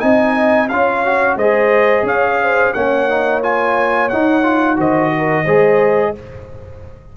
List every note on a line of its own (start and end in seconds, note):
0.00 0.71 C4
0.00 0.68 D#4
0.00 0.70 D#5
0.00 0.68 G#5
0.69 1.37 C#4
0.69 1.06 F4
0.69 1.37 C#5
0.69 1.37 F5
1.06 1.40 F#4
1.37 2.03 G#3
1.37 2.75 G#4
1.37 2.05 C5
1.37 2.06 D#5
2.03 2.71 C#4
2.03 2.40 C#5
2.03 2.74 F5
2.42 2.75 C5
2.74 4.12 A#3
2.74 3.10 C#4
2.74 4.78 C#5
2.74 3.42 F#5
3.10 3.42 D#4
3.42 4.11 F4
3.42 4.09 G#5
4.09 4.43 D#4
4.09 4.78 D#4
4.09 4.78 F#5
4.43 4.77 F4
4.77 5.46 D#3
4.77 5.45 F#4
4.77 5.12 C5
4.77 6.17 D#5
5.18 5.44 A#4
5.44 6.15 G#3
5.44 6.15 G#4
5.44 6.13 C5